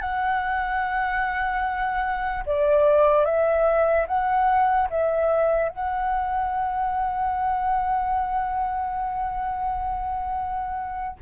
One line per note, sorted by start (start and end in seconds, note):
0.00 2.43 F#5
2.45 3.25 D5
3.25 4.06 E5
4.07 4.88 F#5
4.89 5.69 E5
5.69 11.16 F#5